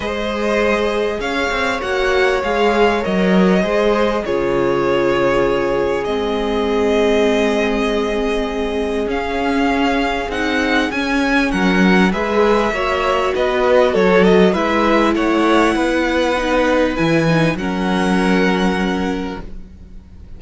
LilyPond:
<<
  \new Staff \with { instrumentName = "violin" } { \time 4/4 \tempo 4 = 99 dis''2 f''4 fis''4 | f''4 dis''2 cis''4~ | cis''2 dis''2~ | dis''2. f''4~ |
f''4 fis''4 gis''4 fis''4 | e''2 dis''4 cis''8 dis''8 | e''4 fis''2. | gis''4 fis''2. | }
  \new Staff \with { instrumentName = "violin" } { \time 4/4 c''2 cis''2~ | cis''2 c''4 gis'4~ | gis'1~ | gis'1~ |
gis'2. ais'4 | b'4 cis''4 b'4 a'4 | b'4 cis''4 b'2~ | b'4 ais'2. | }
  \new Staff \with { instrumentName = "viola" } { \time 4/4 gis'2. fis'4 | gis'4 ais'4 gis'4 f'4~ | f'2 c'2~ | c'2. cis'4~ |
cis'4 dis'4 cis'2 | gis'4 fis'2. | e'2. dis'4 | e'8 dis'8 cis'2. | }
  \new Staff \with { instrumentName = "cello" } { \time 4/4 gis2 cis'8 c'8 ais4 | gis4 fis4 gis4 cis4~ | cis2 gis2~ | gis2. cis'4~ |
cis'4 c'4 cis'4 fis4 | gis4 ais4 b4 fis4 | gis4 a4 b2 | e4 fis2. | }
>>